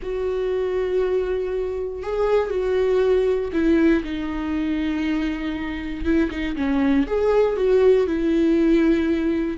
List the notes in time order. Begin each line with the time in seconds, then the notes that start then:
0.02 F#4
2.02 G#4
2.50 F#4
3.52 E4
4.04 D#4
6.04 E4
6.30 D#4
6.56 C#4
7.06 G#4
7.56 F#4
8.06 E4